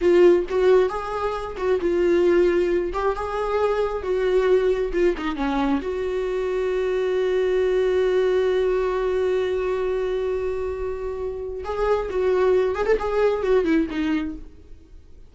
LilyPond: \new Staff \with { instrumentName = "viola" } { \time 4/4 \tempo 4 = 134 f'4 fis'4 gis'4. fis'8 | f'2~ f'8 g'8 gis'4~ | gis'4 fis'2 f'8 dis'8 | cis'4 fis'2.~ |
fis'1~ | fis'1~ | fis'2 gis'4 fis'4~ | fis'8 gis'16 a'16 gis'4 fis'8 e'8 dis'4 | }